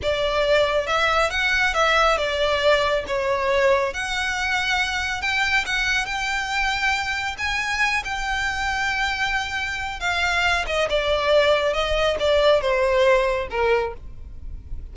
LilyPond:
\new Staff \with { instrumentName = "violin" } { \time 4/4 \tempo 4 = 138 d''2 e''4 fis''4 | e''4 d''2 cis''4~ | cis''4 fis''2. | g''4 fis''4 g''2~ |
g''4 gis''4. g''4.~ | g''2. f''4~ | f''8 dis''8 d''2 dis''4 | d''4 c''2 ais'4 | }